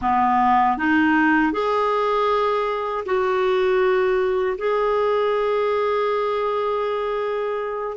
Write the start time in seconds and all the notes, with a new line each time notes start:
0.01 B3
0.77 D#4
1.52 G#4
3.05 F#4
4.58 G#4